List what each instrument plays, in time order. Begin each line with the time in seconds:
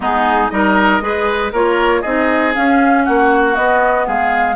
0.00 bassoon G#3, clarinet B3, oboe D#4, flute G#4
0.50 bassoon G3, clarinet D#4, oboe A#4, flute D#5
1.00 bassoon G#3, clarinet G#4, oboe B4
1.52 bassoon A#3, clarinet F4, oboe A#4, flute C#5
2.01 bassoon C4, clarinet D#4, oboe G#4, flute D#5
2.53 clarinet C#4, bassoon C#4, flute F5
3.04 bassoon A#3, oboe F#4, flute F#5
3.54 clarinet B3, bassoon B3, flute D#5
4.07 bassoon G#3, oboe G#4, flute F5